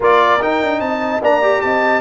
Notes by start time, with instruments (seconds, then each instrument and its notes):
0.00 tuba A#3, trombone F4, horn A#4, trumpet D5
0.40 trombone D#4, tuba D#4, trumpet G5
0.62 tuba D4
0.79 tuba C4, horn D#5, trumpet A5
1.21 tuba A#3, trombone D4, horn D5, trumpet A#5
1.42 trombone G4
1.61 tuba C4, horn D#5, trumpet A5